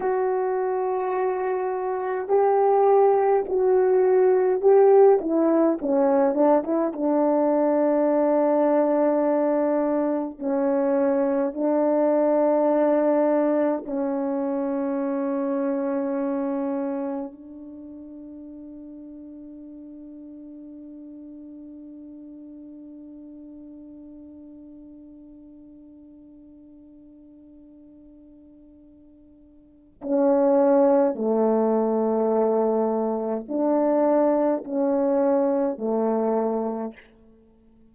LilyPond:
\new Staff \with { instrumentName = "horn" } { \time 4/4 \tempo 4 = 52 fis'2 g'4 fis'4 | g'8 e'8 cis'8 d'16 e'16 d'2~ | d'4 cis'4 d'2 | cis'2. d'4~ |
d'1~ | d'1~ | d'2 cis'4 a4~ | a4 d'4 cis'4 a4 | }